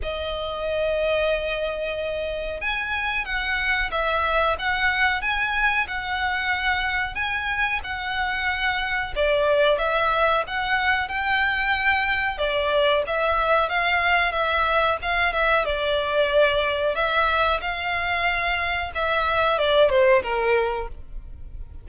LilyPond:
\new Staff \with { instrumentName = "violin" } { \time 4/4 \tempo 4 = 92 dis''1 | gis''4 fis''4 e''4 fis''4 | gis''4 fis''2 gis''4 | fis''2 d''4 e''4 |
fis''4 g''2 d''4 | e''4 f''4 e''4 f''8 e''8 | d''2 e''4 f''4~ | f''4 e''4 d''8 c''8 ais'4 | }